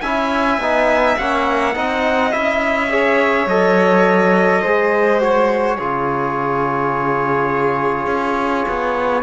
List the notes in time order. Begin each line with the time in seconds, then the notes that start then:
0.00 C#4 E4 E5 G#5
0.57 B3 D#4
1.18 A#3 C#4 F#5
1.74 C4 D#4 D#5
2.31 C#4 E4 E5
2.89 G#4 C#5
3.46 F#3 A4 D#5
4.62 G#3 G#4 C5
5.20 F#4 C#5
5.78 C#3 F4 G#4
8.06 C#4
8.68 B3